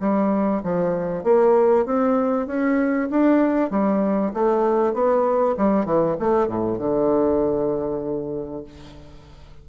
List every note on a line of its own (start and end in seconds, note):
0.00 0.62 G3
0.63 1.24 F3
1.24 1.85 A#3
1.85 2.47 C4
2.47 3.09 C#4
3.10 3.70 D4
3.70 4.32 G3
4.34 4.93 A3
4.93 5.55 B3
5.57 5.85 G3
5.85 6.16 E3
6.19 6.48 A3
6.48 6.78 A2
6.78 8.64 D3